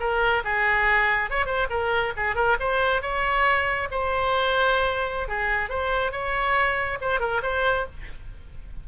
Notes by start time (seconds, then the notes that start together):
0.00 A#4
0.44 G#4
1.30 C#5
1.46 C5
1.70 A#4
2.17 G#4
2.36 A#4
2.60 C5
3.02 C#5
3.91 C5
5.28 G#4
5.70 C5
6.12 C#5
7.01 C5
7.20 A#4
7.43 C5